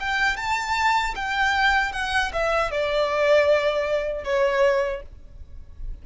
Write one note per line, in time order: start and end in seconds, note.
0.00 0.37 G5
0.37 1.15 A5
1.15 1.92 G5
1.92 2.31 F#5
2.33 2.71 E5
2.71 4.25 D5
4.25 5.03 C#5